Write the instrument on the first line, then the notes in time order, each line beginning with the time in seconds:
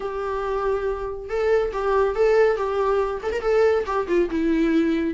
viola
0.00 G4
1.29 A4
1.72 G4
2.15 A4
2.56 G4
3.23 A4
3.32 A#4
3.41 A4
3.86 G4
4.07 F4
4.30 E4